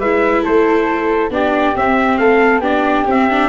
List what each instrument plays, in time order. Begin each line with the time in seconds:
0.00 tuba G#3, viola E4, flute B4, trumpet E5
0.44 tuba A3, flute A4, trumpet C5
1.30 tuba B3, viola D4, flute G4, trumpet D5
1.76 viola C4, tuba C4, trumpet E5
2.18 tuba A3, flute A4, trumpet F5
2.60 tuba B3, viola D4, flute G4, trumpet D5
3.07 tuba C4, viola C4, trumpet E5
3.31 viola D4